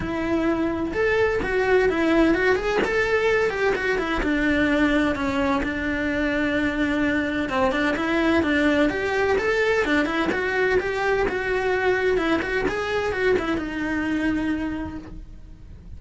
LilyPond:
\new Staff \with { instrumentName = "cello" } { \time 4/4 \tempo 4 = 128 e'2 a'4 fis'4 | e'4 fis'8 gis'8 a'4. g'8 | fis'8 e'8 d'2 cis'4 | d'1 |
c'8 d'8 e'4 d'4 g'4 | a'4 d'8 e'8 fis'4 g'4 | fis'2 e'8 fis'8 gis'4 | fis'8 e'8 dis'2. | }